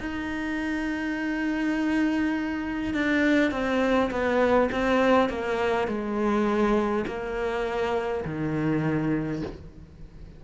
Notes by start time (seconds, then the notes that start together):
0.00 D#4
2.94 D4
3.51 C4
4.11 B3
4.72 C4
5.29 A#3
5.88 G#3
7.07 A#3
8.25 D#3